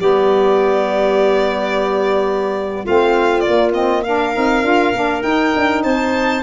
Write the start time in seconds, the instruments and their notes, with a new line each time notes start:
0.00 tuba G3, saxophone B3, clarinet G4, violin D5
2.85 tuba A3, saxophone C4, clarinet F4, violin F5
3.40 violin D5
3.47 saxophone A#3, tuba A#3
3.74 saxophone C4, violin D#5
4.04 saxophone D4, clarinet A#4, violin F5
4.33 tuba C4, saxophone D#4
4.63 tuba D4, saxophone F4
4.93 tuba A#3, saxophone D4
5.22 saxophone D#4, tuba D#4, violin G5
5.56 tuba D4
5.84 tuba C4, clarinet C5, violin A5